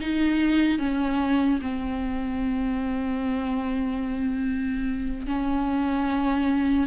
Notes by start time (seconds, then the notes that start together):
0.00 D#4
0.79 C#4
1.61 C4
5.26 C#4